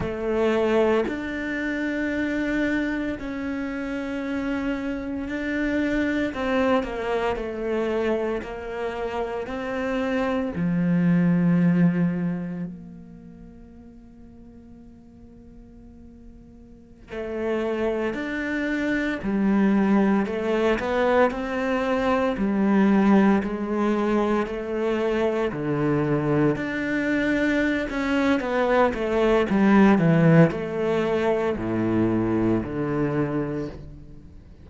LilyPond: \new Staff \with { instrumentName = "cello" } { \time 4/4 \tempo 4 = 57 a4 d'2 cis'4~ | cis'4 d'4 c'8 ais8 a4 | ais4 c'4 f2 | ais1~ |
ais16 a4 d'4 g4 a8 b16~ | b16 c'4 g4 gis4 a8.~ | a16 d4 d'4~ d'16 cis'8 b8 a8 | g8 e8 a4 a,4 d4 | }